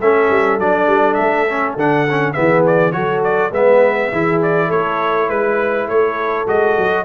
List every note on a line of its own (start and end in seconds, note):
0.00 0.29 A3
0.00 0.60 C#4
0.00 2.35 A4
0.00 0.59 E5
0.30 0.59 G3
0.59 0.86 F#3
0.59 1.48 D4
0.59 1.14 D5
0.86 1.16 G3
1.14 1.76 A3
1.14 1.73 E5
1.48 1.77 C#4
1.76 2.35 D3
1.76 2.07 D4
1.76 2.32 F#5
2.09 2.34 C#4
2.32 2.94 E3
2.32 2.92 B3
2.32 2.94 G#4
2.32 2.62 E5
2.66 2.92 D5
2.92 3.51 F#3
2.92 3.50 F#4
2.92 3.51 A4
2.92 3.21 C#5
3.23 3.53 D5
3.51 4.10 G#3
3.51 4.12 B3
3.51 4.10 B4
3.51 4.42 E5
4.11 4.70 E3
4.11 6.47 E4
4.11 4.67 G#4
4.42 4.71 D5
4.67 5.29 A3
4.67 5.25 A4
4.67 5.29 C#5
5.28 5.87 G#3
5.28 5.87 B4
5.28 5.88 B4
5.87 6.46 A3
5.87 7.05 A4
5.87 6.47 C#5
6.47 6.76 G#3
6.47 7.05 F#4
6.47 7.05 D#5
6.77 7.05 F#3